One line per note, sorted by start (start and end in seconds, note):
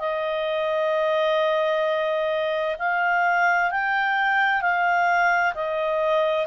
0.00 2.77 D#5
2.79 3.71 F5
3.71 4.62 G5
4.62 5.54 F5
5.55 6.47 D#5